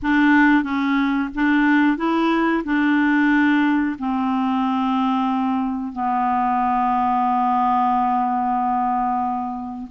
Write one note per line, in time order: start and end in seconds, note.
0.02 0.63 D4
0.63 1.29 C#4
1.34 1.97 D4
1.97 2.63 E4
2.64 3.96 D4
3.98 5.92 C4
5.92 9.88 B3